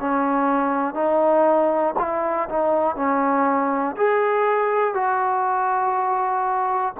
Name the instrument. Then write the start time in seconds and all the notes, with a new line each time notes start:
trombone
0.00 C#4
0.94 D#4
1.98 E4
2.49 D#4
2.95 C#4
3.97 G#4
4.94 F#4